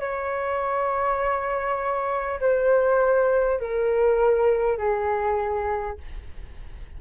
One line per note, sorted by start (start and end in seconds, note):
0.00 2.40 C#5
2.40 3.60 C5
3.60 4.78 A#4
4.78 5.98 G#4